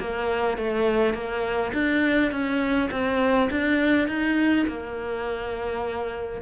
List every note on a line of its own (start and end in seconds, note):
0.00 0.58 A#3
0.58 1.14 A3
1.14 1.72 A#3
1.74 2.31 D4
2.31 2.90 C#4
2.91 3.49 C4
3.51 4.08 D4
4.08 4.66 D#4
4.67 6.42 A#3